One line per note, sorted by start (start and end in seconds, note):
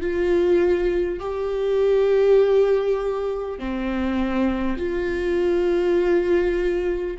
0.00 1.19 F4
1.19 3.58 G4
3.58 4.77 C4
4.77 7.17 F4